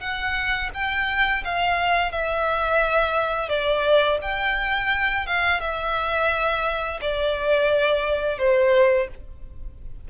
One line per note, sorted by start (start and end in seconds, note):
0.00 0.70 F#5
0.74 1.44 G5
1.44 2.12 F5
2.12 3.49 E5
3.49 4.18 D5
4.21 5.26 G5
5.26 5.60 F5
5.60 7.00 E5
7.01 8.38 D5
8.38 9.08 C5